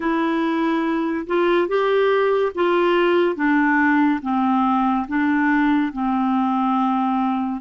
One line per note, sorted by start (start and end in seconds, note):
0.00 1.26 E4
1.27 1.67 F4
1.67 2.52 G4
2.54 3.35 F4
3.35 4.20 D4
4.21 5.06 C4
5.07 5.92 D4
5.92 7.60 C4